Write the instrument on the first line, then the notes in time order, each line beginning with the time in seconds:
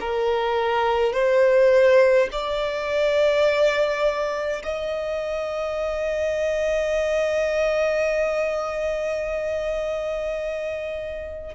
violin
0.00 A#4
1.13 C5
2.31 D5
4.63 D#5